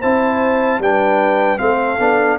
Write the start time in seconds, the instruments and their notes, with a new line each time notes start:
0.00 tuba C4, trombone E4, horn C5, trumpet A5
0.79 tuba G3, trombone D4, horn B4, trumpet G5
1.58 tuba A3, trombone C4, horn A4, trumpet F5
1.99 tuba B3, trombone D4